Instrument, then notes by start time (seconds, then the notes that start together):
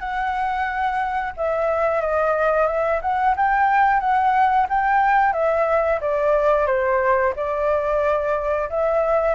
flute
0.00 F#5
1.37 E5
2.02 D#5
2.67 E5
3.02 F#5
3.37 G5
4.01 F#5
4.69 G5
5.33 E5
6.01 D5
6.67 C5
7.36 D5
8.70 E5